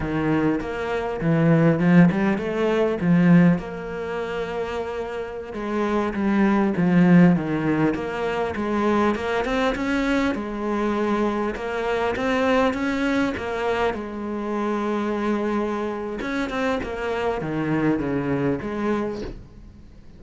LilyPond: \new Staff \with { instrumentName = "cello" } { \time 4/4 \tempo 4 = 100 dis4 ais4 e4 f8 g8 | a4 f4 ais2~ | ais4~ ais16 gis4 g4 f8.~ | f16 dis4 ais4 gis4 ais8 c'16~ |
c'16 cis'4 gis2 ais8.~ | ais16 c'4 cis'4 ais4 gis8.~ | gis2. cis'8 c'8 | ais4 dis4 cis4 gis4 | }